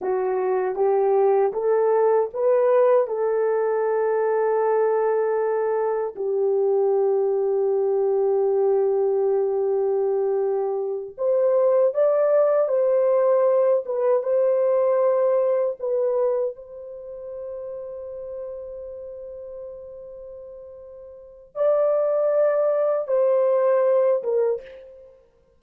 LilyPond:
\new Staff \with { instrumentName = "horn" } { \time 4/4 \tempo 4 = 78 fis'4 g'4 a'4 b'4 | a'1 | g'1~ | g'2~ g'8 c''4 d''8~ |
d''8 c''4. b'8 c''4.~ | c''8 b'4 c''2~ c''8~ | c''1 | d''2 c''4. ais'8 | }